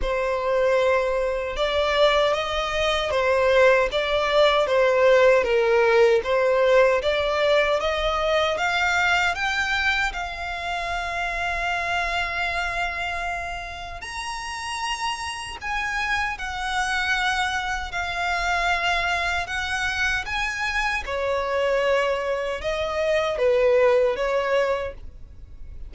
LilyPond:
\new Staff \with { instrumentName = "violin" } { \time 4/4 \tempo 4 = 77 c''2 d''4 dis''4 | c''4 d''4 c''4 ais'4 | c''4 d''4 dis''4 f''4 | g''4 f''2.~ |
f''2 ais''2 | gis''4 fis''2 f''4~ | f''4 fis''4 gis''4 cis''4~ | cis''4 dis''4 b'4 cis''4 | }